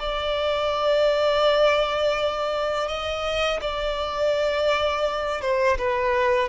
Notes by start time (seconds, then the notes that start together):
0.00 D5
2.88 D#5
3.62 D5
5.42 C5
5.78 B4